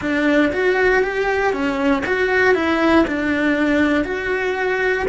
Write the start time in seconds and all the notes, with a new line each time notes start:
0.00 D4
0.52 F#4
1.02 G4
1.53 C#4
2.06 F#4
2.54 E4
3.07 D4
4.04 F#4